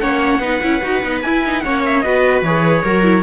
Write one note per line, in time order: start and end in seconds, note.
0.00 0.39 A#3
0.00 0.41 C#4
0.00 0.40 C#5
0.00 1.22 F#5
0.39 0.60 B3
0.39 0.62 D#4
0.39 1.61 B4
0.62 0.82 C#4
0.62 0.82 E4
0.83 1.03 D#4
0.83 1.03 F#4
1.03 1.24 B3
1.03 1.23 D#4
1.22 1.65 E4
1.22 1.45 E4
1.22 1.60 G#5
1.45 1.64 D#4
1.60 2.05 A#3
1.60 2.04 C#4
1.60 2.04 C#5
1.60 1.81 F#5
1.85 2.01 E5
2.01 2.42 B3
2.01 2.44 F#4
2.01 2.84 B4
2.01 2.42 D#5
2.42 2.82 E3
2.42 2.86 G#4
2.42 3.23 C#5
2.84 3.23 F#3
2.84 3.03 F#4
2.84 3.23 A#4
3.03 3.23 E4